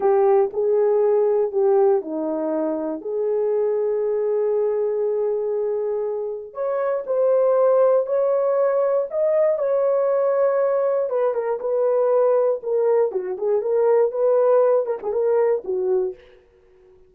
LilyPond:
\new Staff \with { instrumentName = "horn" } { \time 4/4 \tempo 4 = 119 g'4 gis'2 g'4 | dis'2 gis'2~ | gis'1~ | gis'4 cis''4 c''2 |
cis''2 dis''4 cis''4~ | cis''2 b'8 ais'8 b'4~ | b'4 ais'4 fis'8 gis'8 ais'4 | b'4. ais'16 gis'16 ais'4 fis'4 | }